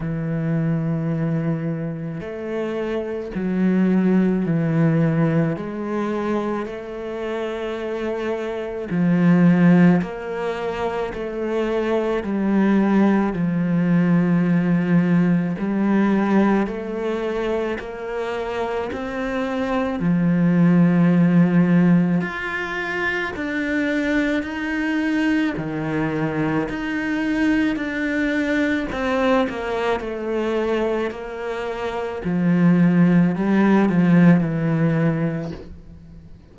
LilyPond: \new Staff \with { instrumentName = "cello" } { \time 4/4 \tempo 4 = 54 e2 a4 fis4 | e4 gis4 a2 | f4 ais4 a4 g4 | f2 g4 a4 |
ais4 c'4 f2 | f'4 d'4 dis'4 dis4 | dis'4 d'4 c'8 ais8 a4 | ais4 f4 g8 f8 e4 | }